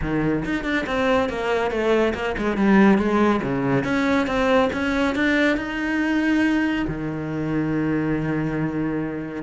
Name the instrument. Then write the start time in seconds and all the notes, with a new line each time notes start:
cello
0.01 D#3
0.44 D#4
0.64 D4
0.86 C4
1.29 A#3
1.70 A3
2.14 A#3
2.37 G#3
2.56 G3
2.98 G#3
3.43 C#3
3.84 C#4
4.26 C4
4.72 C#4
5.15 D4
5.57 D#4
6.87 D#3